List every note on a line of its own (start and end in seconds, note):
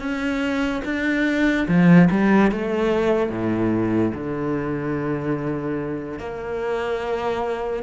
0.00 0.82 C#4
0.85 1.67 D4
1.68 2.09 F3
2.11 2.52 G3
2.52 3.30 A3
3.30 4.12 A2
4.14 6.19 D3
6.19 7.83 A#3